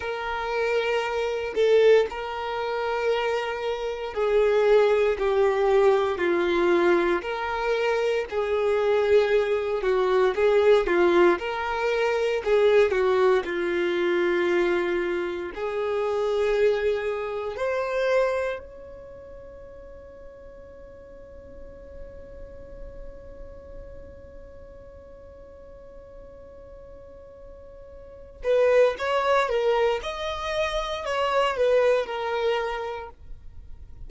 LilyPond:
\new Staff \with { instrumentName = "violin" } { \time 4/4 \tempo 4 = 58 ais'4. a'8 ais'2 | gis'4 g'4 f'4 ais'4 | gis'4. fis'8 gis'8 f'8 ais'4 | gis'8 fis'8 f'2 gis'4~ |
gis'4 c''4 cis''2~ | cis''1~ | cis''2.~ cis''8 b'8 | cis''8 ais'8 dis''4 cis''8 b'8 ais'4 | }